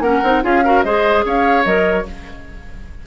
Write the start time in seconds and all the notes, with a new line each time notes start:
0.00 A#3 C#4 A#4 F#5
0.23 C4 D#4
0.43 C#4 F4 G#4 F5
0.65 F#4 A#4
0.83 G#3 G#4 C5 D#5
1.25 C#4 C#5 F5
1.65 F#3 A#4 D#5